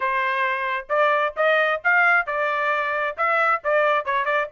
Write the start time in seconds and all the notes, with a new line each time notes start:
0.00 C5
0.89 D5
1.36 D#5
1.84 F5
2.26 D5
3.17 E5
3.64 D5
4.05 C#5
4.25 D5